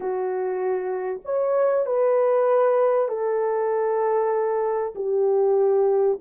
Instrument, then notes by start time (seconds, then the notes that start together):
horn
0.00 F#4
1.25 C#5
1.86 B4
3.08 A4
4.95 G4